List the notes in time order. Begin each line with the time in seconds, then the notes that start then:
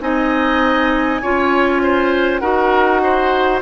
0.00 C4 D#4 D#5 G#5
1.21 C#4 F4 C#5
1.82 C5
2.39 D#4 F#4 A#4 F#5
3.03 C5